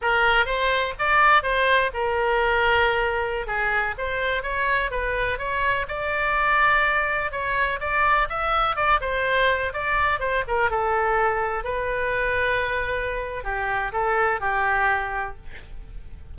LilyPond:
\new Staff \with { instrumentName = "oboe" } { \time 4/4 \tempo 4 = 125 ais'4 c''4 d''4 c''4 | ais'2.~ ais'16 gis'8.~ | gis'16 c''4 cis''4 b'4 cis''8.~ | cis''16 d''2. cis''8.~ |
cis''16 d''4 e''4 d''8 c''4~ c''16~ | c''16 d''4 c''8 ais'8 a'4.~ a'16~ | a'16 b'2.~ b'8. | g'4 a'4 g'2 | }